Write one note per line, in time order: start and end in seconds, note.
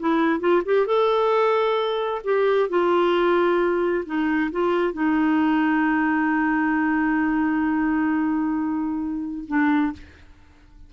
0.00 0.40 E4
0.40 0.63 F4
0.66 0.87 G4
0.87 2.22 A4
2.24 2.69 G4
2.69 4.05 F4
4.06 4.51 D#4
4.52 4.94 F4
4.94 9.45 D#4
9.48 9.93 D4